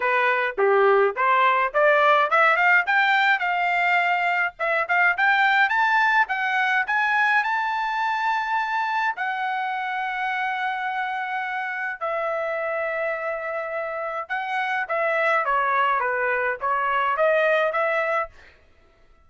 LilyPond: \new Staff \with { instrumentName = "trumpet" } { \time 4/4 \tempo 4 = 105 b'4 g'4 c''4 d''4 | e''8 f''8 g''4 f''2 | e''8 f''8 g''4 a''4 fis''4 | gis''4 a''2. |
fis''1~ | fis''4 e''2.~ | e''4 fis''4 e''4 cis''4 | b'4 cis''4 dis''4 e''4 | }